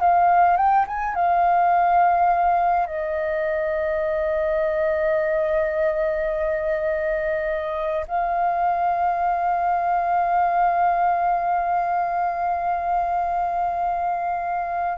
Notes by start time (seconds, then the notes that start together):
0.00 F5
0.57 G5
0.88 G#5
1.15 F5
2.87 D#5
8.08 F5